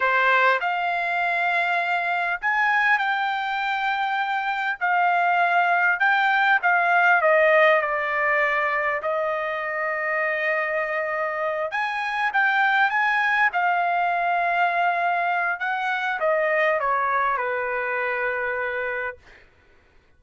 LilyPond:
\new Staff \with { instrumentName = "trumpet" } { \time 4/4 \tempo 4 = 100 c''4 f''2. | gis''4 g''2. | f''2 g''4 f''4 | dis''4 d''2 dis''4~ |
dis''2.~ dis''8 gis''8~ | gis''8 g''4 gis''4 f''4.~ | f''2 fis''4 dis''4 | cis''4 b'2. | }